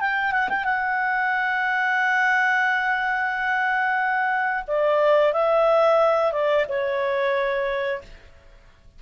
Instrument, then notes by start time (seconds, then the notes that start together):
clarinet
0.00 G5
0.32 F#5
0.49 G5
0.64 F#5
4.67 D5
5.33 E5
6.32 D5
6.68 C#5